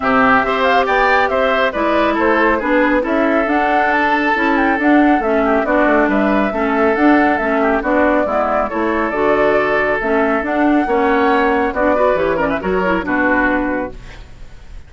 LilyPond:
<<
  \new Staff \with { instrumentName = "flute" } { \time 4/4 \tempo 4 = 138 e''4. f''8 g''4 e''4 | d''4 c''4 b'4 e''4 | fis''4 a''4. g''8 fis''4 | e''4 d''4 e''2 |
fis''4 e''4 d''2 | cis''4 d''2 e''4 | fis''2. d''4 | cis''8 d''16 e''16 cis''4 b'2 | }
  \new Staff \with { instrumentName = "oboe" } { \time 4/4 g'4 c''4 d''4 c''4 | b'4 a'4 gis'4 a'4~ | a'1~ | a'8 g'8 fis'4 b'4 a'4~ |
a'4. g'8 fis'4 e'4 | a'1~ | a'4 cis''2 fis'8 b'8~ | b'8 ais'16 b'16 ais'4 fis'2 | }
  \new Staff \with { instrumentName = "clarinet" } { \time 4/4 c'4 g'2. | e'2 d'4 e'4 | d'2 e'4 d'4 | cis'4 d'2 cis'4 |
d'4 cis'4 d'4 b4 | e'4 fis'2 cis'4 | d'4 cis'2 d'8 fis'8 | g'8 cis'8 fis'8 e'8 d'2 | }
  \new Staff \with { instrumentName = "bassoon" } { \time 4/4 c4 c'4 b4 c'4 | gis4 a4 b4 cis'4 | d'2 cis'4 d'4 | a4 b8 a8 g4 a4 |
d'4 a4 b4 gis4 | a4 d2 a4 | d'4 ais2 b4 | e4 fis4 b,2 | }
>>